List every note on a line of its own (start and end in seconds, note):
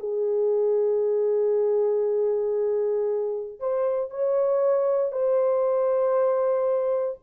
0.00 3.60 G#4
3.60 4.11 C5
4.11 5.12 C#5
5.12 7.19 C5